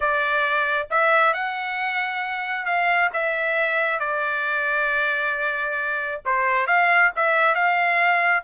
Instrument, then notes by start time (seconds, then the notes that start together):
trumpet
0.00 D5
0.90 E5
1.33 F#5
2.65 F5
3.13 E5
3.99 D5
6.25 C5
6.66 F5
7.16 E5
7.54 F5